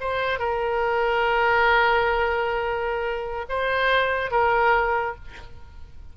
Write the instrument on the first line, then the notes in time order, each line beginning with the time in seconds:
oboe
0.00 C5
0.39 A#4
3.49 C5
4.31 A#4